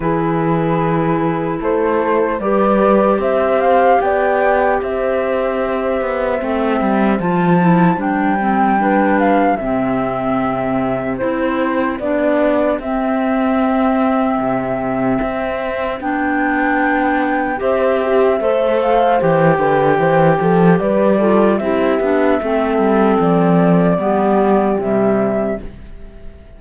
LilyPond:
<<
  \new Staff \with { instrumentName = "flute" } { \time 4/4 \tempo 4 = 75 b'2 c''4 d''4 | e''8 f''8 g''4 e''2~ | e''4 a''4 g''4. f''8 | e''2 c''4 d''4 |
e''1 | g''2 e''4. f''8 | g''2 d''4 e''4~ | e''4 d''2 e''4 | }
  \new Staff \with { instrumentName = "horn" } { \time 4/4 gis'2 a'4 b'4 | c''4 d''4 c''2~ | c''2. b'4 | g'1~ |
g'1~ | g'2 c''8 g'8 c''4~ | c''8 b'8 c''8 a'8 b'8 a'8 g'4 | a'2 g'2 | }
  \new Staff \with { instrumentName = "clarinet" } { \time 4/4 e'2. g'4~ | g'1 | c'4 f'8 e'8 d'8 c'8 d'4 | c'2 e'4 d'4 |
c'1 | d'2 g'4 a'4 | g'2~ g'8 f'8 e'8 d'8 | c'2 b4 g4 | }
  \new Staff \with { instrumentName = "cello" } { \time 4/4 e2 a4 g4 | c'4 b4 c'4. b8 | a8 g8 f4 g2 | c2 c'4 b4 |
c'2 c4 c'4 | b2 c'4 a4 | e8 d8 e8 f8 g4 c'8 b8 | a8 g8 f4 g4 c4 | }
>>